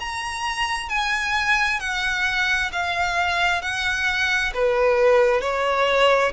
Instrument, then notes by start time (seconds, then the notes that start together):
violin
0.00 A#5
0.89 G#5
1.80 F#5
2.72 F5
3.62 F#5
4.54 B4
5.41 C#5